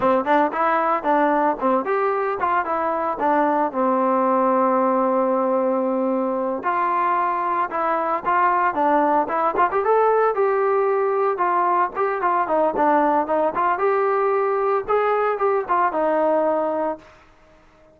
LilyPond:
\new Staff \with { instrumentName = "trombone" } { \time 4/4 \tempo 4 = 113 c'8 d'8 e'4 d'4 c'8 g'8~ | g'8 f'8 e'4 d'4 c'4~ | c'1~ | c'8 f'2 e'4 f'8~ |
f'8 d'4 e'8 f'16 g'16 a'4 g'8~ | g'4. f'4 g'8 f'8 dis'8 | d'4 dis'8 f'8 g'2 | gis'4 g'8 f'8 dis'2 | }